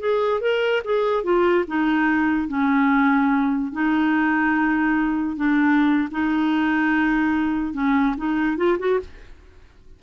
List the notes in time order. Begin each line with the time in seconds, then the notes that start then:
0.00 G#4
0.41 A#4
0.84 G#4
1.24 F4
1.68 D#4
2.48 C#4
3.73 D#4
5.36 D4
6.11 D#4
7.74 C#4
8.17 D#4
8.57 F4
8.79 F#4